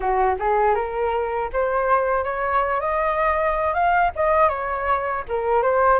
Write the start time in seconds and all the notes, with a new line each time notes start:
0.00 F#4
0.39 G#4
0.75 A#4
1.52 C5
2.24 C#5
2.80 D#5
3.73 F5
4.15 D#5
4.49 C#5
5.28 A#4
5.62 C5